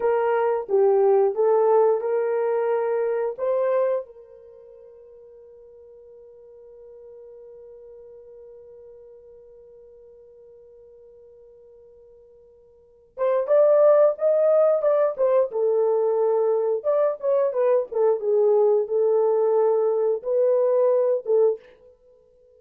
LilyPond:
\new Staff \with { instrumentName = "horn" } { \time 4/4 \tempo 4 = 89 ais'4 g'4 a'4 ais'4~ | ais'4 c''4 ais'2~ | ais'1~ | ais'1~ |
ais'2.~ ais'8 c''8 | d''4 dis''4 d''8 c''8 a'4~ | a'4 d''8 cis''8 b'8 a'8 gis'4 | a'2 b'4. a'8 | }